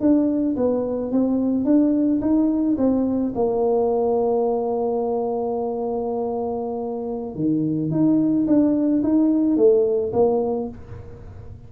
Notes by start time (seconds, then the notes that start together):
0.00 D4
0.56 B3
1.11 C4
1.65 D4
2.21 D#4
2.77 C4
3.35 A#3
7.35 D#3
7.90 D#4
8.47 D4
9.03 D#4
9.56 A3
10.12 A#3